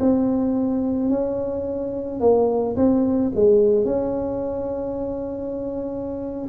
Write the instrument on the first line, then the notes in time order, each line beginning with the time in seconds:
tuba
0.00 C4
1.09 C#4
2.20 A#3
2.76 C4
3.35 G#3
3.85 C#4